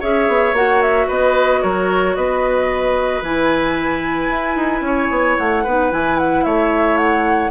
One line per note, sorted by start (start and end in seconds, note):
0.00 0.28 C#4
0.00 0.54 G#4
0.00 1.07 C#5
0.00 0.55 E5
0.28 0.53 B3
0.53 1.06 A#3
0.53 3.23 F#4
0.53 0.82 F#5
0.82 1.09 E5
1.07 1.63 B3
1.07 1.61 B4
1.07 1.62 D#5
1.62 2.17 F#3
1.62 2.16 A#4
1.62 2.16 C#5
2.16 3.22 B3
2.16 4.85 B4
2.16 3.23 D#5
3.22 4.29 E3
3.22 5.66 E4
3.22 5.38 G#5
4.29 4.56 E4
4.56 4.81 D#4
4.81 5.08 C#4
4.81 5.64 C#5
5.10 5.37 B3
5.38 5.66 A3
5.38 5.91 F#5
5.64 5.92 B3
5.64 5.91 D#4
5.64 6.44 B4
5.91 6.45 E3
5.91 7.51 E4
5.91 6.19 G#5
6.19 6.44 F#5
6.44 7.51 A3
6.44 7.51 C#5
6.44 6.97 E5
6.97 7.51 F#5